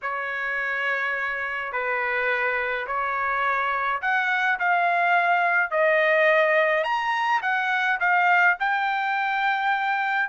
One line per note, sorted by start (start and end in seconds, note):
0.02 1.72 C#5
1.72 2.86 B4
2.86 4.01 C#5
4.01 4.58 F#5
4.59 5.70 F5
5.70 6.84 D#5
6.84 7.41 A#5
7.42 7.99 F#5
8.00 8.57 F5
8.59 10.29 G5